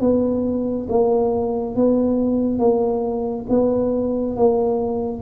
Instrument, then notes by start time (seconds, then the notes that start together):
tuba
0.00 B3
0.89 A#3
1.75 B3
2.58 A#3
3.49 B3
4.36 A#3